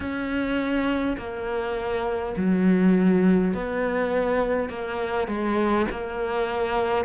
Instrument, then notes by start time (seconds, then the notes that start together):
cello
0.00 C#4
1.17 A#3
2.36 F#3
3.53 B3
4.68 A#3
5.27 G#3
5.90 A#3